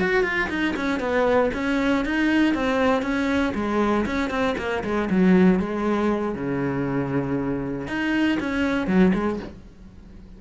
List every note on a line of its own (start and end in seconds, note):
0.00 0.24 F#4
0.24 0.49 F4
0.50 0.75 D#4
0.77 1.00 C#4
1.00 1.51 B3
1.54 2.05 C#4
2.05 2.55 D#4
2.55 3.03 C4
3.03 3.54 C#4
3.55 4.06 G#3
4.06 4.30 C#4
4.30 4.56 C4
4.58 4.84 A#3
4.84 5.10 G#3
5.11 5.60 F#3
5.60 6.36 G#3
6.36 7.88 C#3
7.88 8.39 D#4
8.40 8.87 C#4
8.87 9.13 F#3
9.14 9.40 G#3